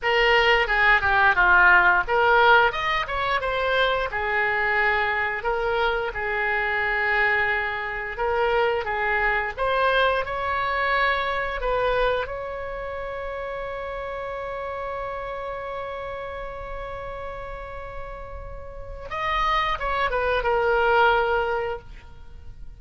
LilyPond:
\new Staff \with { instrumentName = "oboe" } { \time 4/4 \tempo 4 = 88 ais'4 gis'8 g'8 f'4 ais'4 | dis''8 cis''8 c''4 gis'2 | ais'4 gis'2. | ais'4 gis'4 c''4 cis''4~ |
cis''4 b'4 cis''2~ | cis''1~ | cis''1 | dis''4 cis''8 b'8 ais'2 | }